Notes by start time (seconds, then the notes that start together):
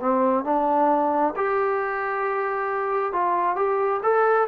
0.00 C4
0.44 D4
1.37 G4
3.13 F4
3.56 G4
4.03 A4